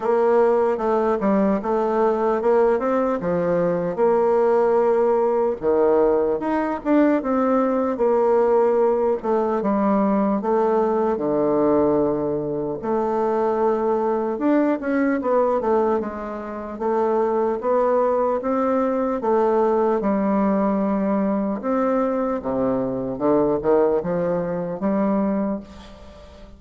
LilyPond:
\new Staff \with { instrumentName = "bassoon" } { \time 4/4 \tempo 4 = 75 ais4 a8 g8 a4 ais8 c'8 | f4 ais2 dis4 | dis'8 d'8 c'4 ais4. a8 | g4 a4 d2 |
a2 d'8 cis'8 b8 a8 | gis4 a4 b4 c'4 | a4 g2 c'4 | c4 d8 dis8 f4 g4 | }